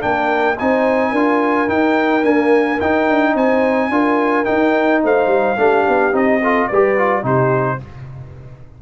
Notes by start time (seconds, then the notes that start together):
0.00 A#3 D4 A#4 G5
0.59 C4 D#4 C5 G#5
1.10 D4 F4 A#4
1.68 D#4 G5
2.23 A#3 D4 G#5
2.81 D#4 G5
3.09 D4
3.35 C4 C5 G#5
3.90 D4 F4 A#4
4.45 D#4 G5
5.04 A3 C5 F5
5.27 G3
5.57 A3 D4 G4
5.88 B3
6.12 C4 D#4 D#5
6.42 F4 A4
6.68 G3 G4 B4 D5
6.98 F4
7.22 C3 D#4 G4 C5